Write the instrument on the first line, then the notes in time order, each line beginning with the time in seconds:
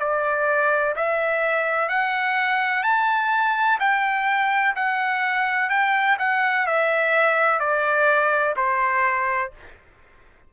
trumpet
0.00 D5
0.96 E5
1.89 F#5
2.84 A5
3.80 G5
4.76 F#5
5.70 G5
6.19 F#5
6.67 E5
7.60 D5
8.57 C5